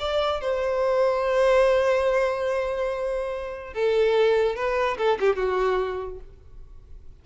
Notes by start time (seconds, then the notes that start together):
0.00 D5
0.41 C5
3.74 A4
4.56 B4
4.98 A4
5.20 G4
5.37 F#4